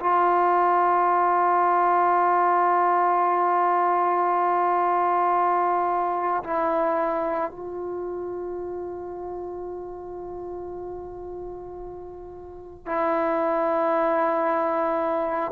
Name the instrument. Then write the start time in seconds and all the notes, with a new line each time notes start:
trombone
0.00 F4
6.43 E4
7.50 F4
12.86 E4